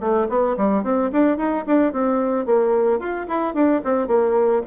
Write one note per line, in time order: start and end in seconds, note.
0.00 0.27 A3
0.29 0.56 B3
0.57 0.83 G3
0.83 1.10 C4
1.12 1.37 D4
1.37 1.64 D#4
1.66 1.93 D4
1.93 2.46 C4
2.46 2.99 A#3
2.99 3.27 F4
3.28 3.54 E4
3.54 3.81 D4
3.84 4.07 C4
4.07 4.62 A#3